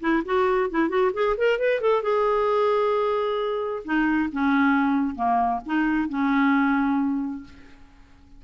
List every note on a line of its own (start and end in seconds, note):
0.00 0.23 E4
0.25 0.70 F#4
0.70 0.89 E4
0.89 1.11 F#4
1.13 1.36 G#4
1.37 1.59 A#4
1.59 1.81 B4
1.81 2.02 A4
2.02 3.83 G#4
3.84 4.30 D#4
4.32 5.15 C#4
5.15 5.60 A#3
5.66 6.09 D#4
6.09 7.44 C#4